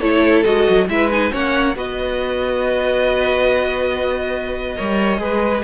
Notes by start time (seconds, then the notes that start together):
0.00 A3 E4 A4 C#5
0.44 G#3 F#4 D#5
0.69 F#3
0.88 G#3 E4 B4 E5
1.11 D#4 G#5
1.31 A#3 C#4 C#5 F#5
1.76 B3 F#4 B4 D#5
4.76 G3 A#4 C#5
5.18 G#3 G#4 B4